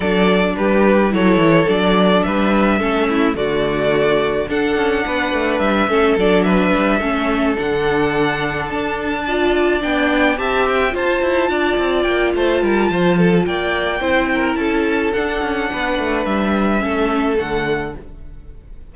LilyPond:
<<
  \new Staff \with { instrumentName = "violin" } { \time 4/4 \tempo 4 = 107 d''4 b'4 cis''4 d''4 | e''2 d''2 | fis''2 e''4 d''8 e''8~ | e''4. fis''2 a''8~ |
a''4. g''4 a''8 g''8 a''8~ | a''4. g''8 a''2 | g''2 a''4 fis''4~ | fis''4 e''2 fis''4 | }
  \new Staff \with { instrumentName = "violin" } { \time 4/4 a'4 g'4 a'2 | b'4 a'8 e'8 fis'2 | a'4 b'4. a'4 b'8~ | b'8 a'2.~ a'8~ |
a'8 d''2 e''4 c''8~ | c''8 d''4. c''8 ais'8 c''8 a'8 | d''4 c''8 ais'8 a'2 | b'2 a'2 | }
  \new Staff \with { instrumentName = "viola" } { \time 4/4 d'2 e'4 d'4~ | d'4 cis'4 a2 | d'2~ d'8 cis'8 d'4~ | d'8 cis'4 d'2~ d'8~ |
d'8 f'4 d'4 g'4 f'8~ | f'1~ | f'4 e'2 d'4~ | d'2 cis'4 a4 | }
  \new Staff \with { instrumentName = "cello" } { \time 4/4 fis4 g4 fis8 e8 fis4 | g4 a4 d2 | d'8 cis'8 b8 a8 g8 a8 fis4 | g8 a4 d2 d'8~ |
d'4. b4 c'4 f'8 | e'8 d'8 c'8 ais8 a8 g8 f4 | ais4 c'4 cis'4 d'8 cis'8 | b8 a8 g4 a4 d4 | }
>>